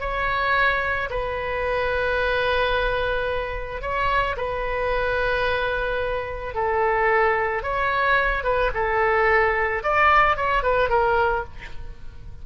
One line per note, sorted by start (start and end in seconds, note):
0.00 1.09 C#5
1.10 3.82 B4
3.82 4.36 C#5
4.37 6.55 B4
6.55 7.63 A4
7.63 8.43 C#5
8.43 8.71 B4
8.74 9.83 A4
9.84 10.37 D5
10.37 10.63 C#5
10.63 10.89 B4
10.89 11.44 A#4